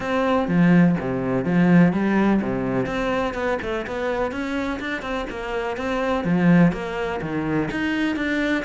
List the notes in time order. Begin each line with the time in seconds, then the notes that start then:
0.00 C4
0.48 F3
0.99 C3
1.44 F3
1.92 G3
2.41 C3
2.86 C4
3.34 B3
3.62 A3
3.86 B3
4.31 C#4
4.79 D4
5.02 C4
5.30 A#3
5.76 C4
6.24 F3
6.72 A#3
7.21 D#3
7.71 D#4
8.16 D4